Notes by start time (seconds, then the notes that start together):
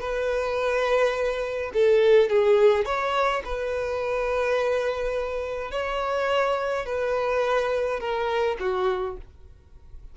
0.00 B4
1.73 A4
2.29 G#4
2.85 C#5
3.44 B4
5.71 C#5
6.85 B4
8.00 A#4
8.59 F#4